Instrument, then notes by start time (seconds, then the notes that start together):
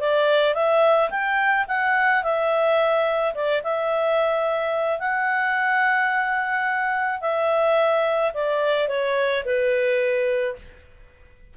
clarinet
0.00 D5
0.54 E5
1.10 G5
1.67 F#5
2.23 E5
3.34 D5
3.63 E5
4.99 F#5
7.20 E5
8.33 D5
8.88 C#5
9.44 B4